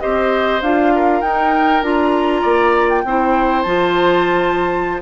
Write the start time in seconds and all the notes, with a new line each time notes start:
0.00 C4 G4 C5 D#5
0.62 D4 F4 F5
0.95 A#4
1.21 D#4 G5
1.82 D4 F4 A#5
2.41 A#3 D5
2.89 G5
3.04 C4 E4 C5
3.63 F3 F4 A5